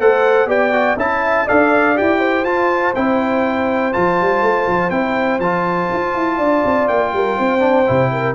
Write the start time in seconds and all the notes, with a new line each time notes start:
0.00 A3 A4 C5 F#5
0.46 B3 G4 D5 G5
0.72 F#4
0.96 C#4 E4 E5 A5
1.46 D4 A4 D5 F5
1.95 E4 G4 G5
2.19 C5
2.44 F4 A5
2.95 C4 E4 G5
3.93 F3 F4 A5
4.21 G3
4.42 A3
4.68 F3
4.90 C4 E4 G5
5.39 F3 F4 A5
5.93 F4
6.15 E4
6.37 D4 D5
6.65 C4
6.88 A#3 G5
7.13 G3 A#4
7.37 C4 C5
7.59 D4
7.87 C3 E4
8.12 A#4